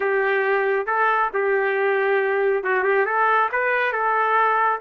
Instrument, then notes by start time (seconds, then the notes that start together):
trumpet
0.00 G4
0.86 A4
1.33 G4
2.63 F#4
2.83 G4
3.05 A4
3.52 B4
3.92 A4